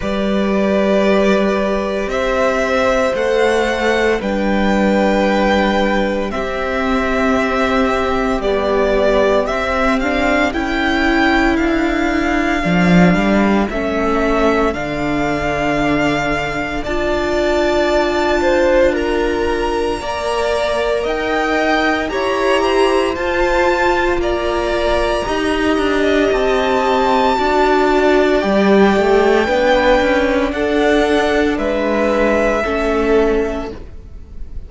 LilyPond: <<
  \new Staff \with { instrumentName = "violin" } { \time 4/4 \tempo 4 = 57 d''2 e''4 fis''4 | g''2 e''2 | d''4 e''8 f''8 g''4 f''4~ | f''4 e''4 f''2 |
a''2 ais''2 | g''4 ais''4 a''4 ais''4~ | ais''4 a''2 g''4~ | g''4 fis''4 e''2 | }
  \new Staff \with { instrumentName = "violin" } { \time 4/4 b'2 c''2 | b'2 g'2~ | g'2 a'2~ | a'1 |
d''4. c''8 ais'4 d''4 | dis''4 cis''8 c''4. d''4 | dis''2 d''2 | b'4 a'4 b'4 a'4 | }
  \new Staff \with { instrumentName = "viola" } { \time 4/4 g'2. a'4 | d'2 c'2 | g4 c'8 d'8 e'2 | d'4 cis'4 d'2 |
f'2. ais'4~ | ais'4 g'4 f'2 | g'2 fis'4 g'4 | d'2. cis'4 | }
  \new Staff \with { instrumentName = "cello" } { \time 4/4 g2 c'4 a4 | g2 c'2 | b4 c'4 cis'4 d'4 | f8 g8 a4 d2 |
d'2. ais4 | dis'4 e'4 f'4 ais4 | dis'8 d'8 c'4 d'4 g8 a8 | b8 cis'8 d'4 gis4 a4 | }
>>